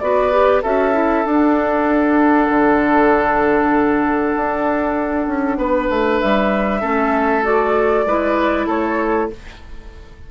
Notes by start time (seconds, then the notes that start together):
0.00 B3 F#4 B4 D5
0.32 G4
0.63 C#4 F#4 A4 E5
0.93 E4
1.26 D4 F#5
2.50 D3
4.36 D4
5.28 C#4
5.58 B3 B4
5.90 A3
6.21 G3 E5
6.81 A3 C#4 A4
7.43 F#4 D5
8.06 G#3 E4 B4
8.67 A3 A4 C#5